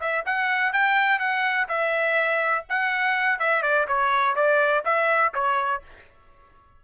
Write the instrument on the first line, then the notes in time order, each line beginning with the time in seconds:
trumpet
0.00 E5
0.25 F#5
0.72 G5
1.19 F#5
1.68 E5
2.69 F#5
3.39 E5
3.62 D5
3.87 C#5
4.35 D5
4.84 E5
5.34 C#5